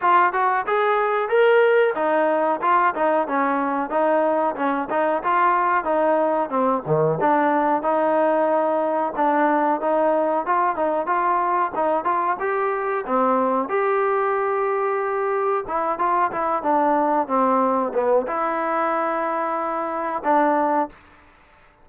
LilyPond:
\new Staff \with { instrumentName = "trombone" } { \time 4/4 \tempo 4 = 92 f'8 fis'8 gis'4 ais'4 dis'4 | f'8 dis'8 cis'4 dis'4 cis'8 dis'8 | f'4 dis'4 c'8 dis8 d'4 | dis'2 d'4 dis'4 |
f'8 dis'8 f'4 dis'8 f'8 g'4 | c'4 g'2. | e'8 f'8 e'8 d'4 c'4 b8 | e'2. d'4 | }